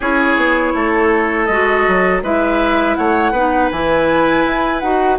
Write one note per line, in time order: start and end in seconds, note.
0.00 0.36 C#4
0.00 1.50 E4
0.00 0.73 G#4
0.00 1.45 C#5
0.36 0.73 B3
0.74 1.48 A3
0.74 2.23 A4
1.45 1.85 G#3
1.45 2.23 F#4
1.45 2.19 D#5
1.87 2.22 F#3
2.22 2.96 G#3
2.22 3.34 E4
2.22 2.97 B4
2.22 2.95 E5
2.95 3.32 A3
2.95 3.32 C#5
2.95 3.69 F#5
3.32 3.69 B3
3.32 3.72 D#4
3.32 5.17 B4
3.71 4.45 E3
3.71 4.82 E4
3.71 4.79 G#5
4.46 4.82 E4
4.79 5.18 D#4
4.79 5.18 F#4
4.79 5.16 F#5